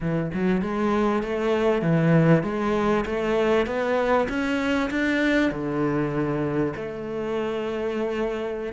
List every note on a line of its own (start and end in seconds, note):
0.00 0.31 E3
0.33 0.61 F#3
0.61 1.22 G#3
1.22 1.82 A3
1.82 2.43 E3
2.43 3.04 G#3
3.05 3.66 A3
3.66 4.27 B3
4.29 4.90 C#4
4.90 5.51 D4
5.51 6.73 D3
6.76 8.72 A3